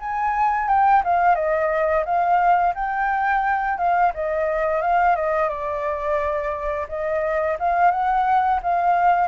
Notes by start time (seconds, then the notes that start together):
0.00 G#5
0.68 G5
1.04 F5
1.35 D#5
2.05 F5
2.75 G5
3.78 F5
4.14 D#5
4.82 F5
5.16 D#5
5.49 D5
6.89 D#5
7.60 F5
7.91 F#5
8.63 F5